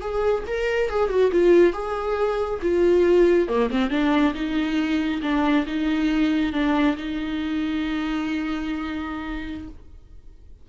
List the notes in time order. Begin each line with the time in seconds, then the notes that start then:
0.00 G#4
0.47 A#4
0.90 G#4
1.09 F#4
1.31 F4
1.73 G#4
2.62 F4
3.48 A#3
3.70 C4
3.90 D4
4.34 D#4
5.22 D4
5.66 D#4
6.52 D4
6.96 D#4